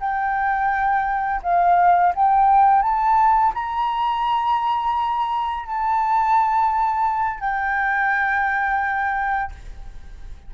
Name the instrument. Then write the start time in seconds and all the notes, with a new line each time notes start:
flute
0.00 G5
1.42 F5
2.15 G5
2.82 A5
3.54 A#5
5.66 A5
7.40 G5